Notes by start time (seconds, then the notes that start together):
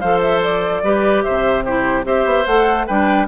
0.00 F3 A4 C5 F5
0.21 E5
0.43 D5
0.83 G3 G4 B4
1.24 C3 C5 E5
1.65 E4 G4 C5
2.04 C4 G4 C5 E5
2.25 B3
2.46 A3 A4 F#5
2.87 G3 D4 B4 G5